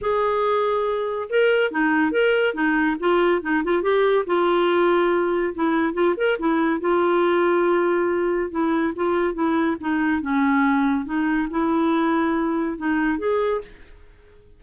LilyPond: \new Staff \with { instrumentName = "clarinet" } { \time 4/4 \tempo 4 = 141 gis'2. ais'4 | dis'4 ais'4 dis'4 f'4 | dis'8 f'8 g'4 f'2~ | f'4 e'4 f'8 ais'8 e'4 |
f'1 | e'4 f'4 e'4 dis'4 | cis'2 dis'4 e'4~ | e'2 dis'4 gis'4 | }